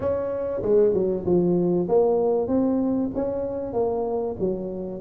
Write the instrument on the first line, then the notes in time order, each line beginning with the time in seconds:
tuba
0.00 C#4
0.62 G#3
0.93 F#3
1.25 F3
1.88 A#3
2.47 C4
3.14 C#4
3.73 A#3
4.39 F#3